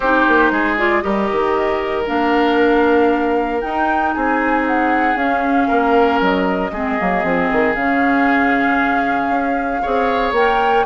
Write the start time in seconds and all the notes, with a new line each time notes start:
0.00 C4 D#4 G4 C5
0.27 A#3
0.51 G#3 G#4
0.78 F4 D5
1.00 G3 G4 A#4 D#5
1.31 D#3
2.05 A#3 D4 F5
3.61 D#4 G5
4.13 C4 G#4 G#5
4.66 F#5
5.15 C#4 F5
5.67 A#3 A#4
6.20 F#3 D#5
6.71 G#3 C4 G#4
6.99 F#3 A#3
7.23 F3 C4
7.51 D#3
7.74 C#3 C#4 F5
9.29 C#4
9.82 C4 G#4 C#5
10.31 A#3 A#4 G5